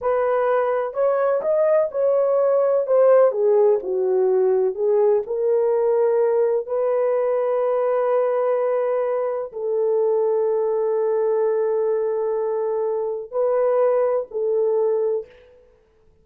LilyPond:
\new Staff \with { instrumentName = "horn" } { \time 4/4 \tempo 4 = 126 b'2 cis''4 dis''4 | cis''2 c''4 gis'4 | fis'2 gis'4 ais'4~ | ais'2 b'2~ |
b'1 | a'1~ | a'1 | b'2 a'2 | }